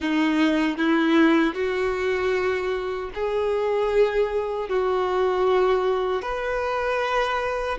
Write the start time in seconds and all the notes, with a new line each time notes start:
0.00 D#4
0.77 E4
1.54 F#4
3.14 G#4
4.69 F#4
6.22 B4